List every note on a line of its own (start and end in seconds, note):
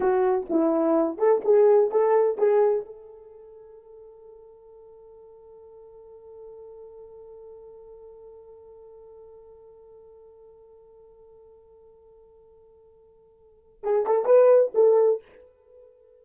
0.00 0.46 F#4
0.49 1.18 E4
1.18 1.41 A4
1.44 1.91 G#4
1.91 2.38 A4
2.38 2.85 G#4
2.85 13.80 A4
13.83 14.06 G#4
14.06 14.25 A4
14.25 14.73 B4
14.74 15.21 A4